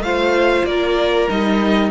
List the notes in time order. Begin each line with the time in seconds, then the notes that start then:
0.00 A3 F4 C5 F5
0.65 A#3 A#4 D5
1.29 G3 D#4 D#5